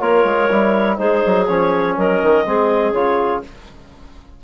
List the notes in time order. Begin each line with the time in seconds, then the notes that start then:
0.00 A#3 F4 A#4 C#5
0.24 G#3
0.50 G3 E4
0.97 G#3 D#4 G#4 C5
1.26 F#3
1.46 F3 C#4 C#5
1.97 F#3 A#4 D#5
2.23 D#3
2.46 G#3 C4 G#4
2.93 C#3 F4 C#5